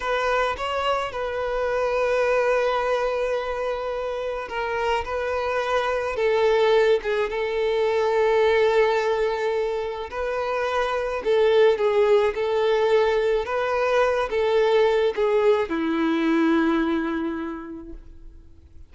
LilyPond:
\new Staff \with { instrumentName = "violin" } { \time 4/4 \tempo 4 = 107 b'4 cis''4 b'2~ | b'1 | ais'4 b'2 a'4~ | a'8 gis'8 a'2.~ |
a'2 b'2 | a'4 gis'4 a'2 | b'4. a'4. gis'4 | e'1 | }